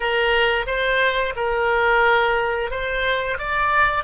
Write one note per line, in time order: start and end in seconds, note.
0.00 0.66 A#4
0.66 1.34 C5
1.36 2.70 A#4
2.70 3.38 C5
3.38 4.04 D5